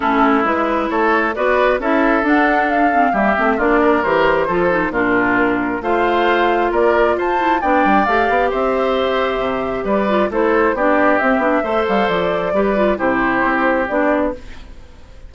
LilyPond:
<<
  \new Staff \with { instrumentName = "flute" } { \time 4/4 \tempo 4 = 134 a'4 b'4 cis''4 d''4 | e''4 fis''4 f''4 e''4 | d''4 c''2 ais'4~ | ais'4 f''2 d''4 |
a''4 g''4 f''4 e''4~ | e''2 d''4 c''4 | d''4 e''4. f''8 d''4~ | d''4 c''2 d''4 | }
  \new Staff \with { instrumentName = "oboe" } { \time 4/4 e'2 a'4 b'4 | a'2. g'4 | f'8 ais'4. a'4 f'4~ | f'4 c''2 ais'4 |
c''4 d''2 c''4~ | c''2 b'4 a'4 | g'2 c''2 | b'4 g'2. | }
  \new Staff \with { instrumentName = "clarinet" } { \time 4/4 cis'4 e'2 fis'4 | e'4 d'4. c'8 ais8 c'8 | d'4 g'4 f'8 dis'8 d'4~ | d'4 f'2.~ |
f'8 e'8 d'4 g'2~ | g'2~ g'8 f'8 e'4 | d'4 c'8 d'8 a'2 | g'8 f'8 e'2 d'4 | }
  \new Staff \with { instrumentName = "bassoon" } { \time 4/4 a4 gis4 a4 b4 | cis'4 d'2 g8 a8 | ais4 e4 f4 ais,4~ | ais,4 a2 ais4 |
f'4 b8 g8 a8 b8 c'4~ | c'4 c4 g4 a4 | b4 c'8 b8 a8 g8 f4 | g4 c4 c'4 b4 | }
>>